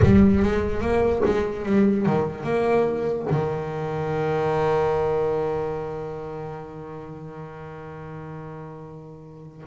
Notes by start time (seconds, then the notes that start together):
0.02 G3
0.43 G#3
0.81 A#3
1.25 G#3
1.65 G3
2.05 D#3
2.43 A#3
3.30 D#3